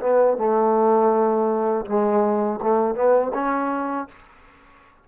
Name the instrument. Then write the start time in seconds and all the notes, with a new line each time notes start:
trombone
0.00 B3
0.37 A3
1.85 G#3
2.62 A3
2.95 B3
3.33 C#4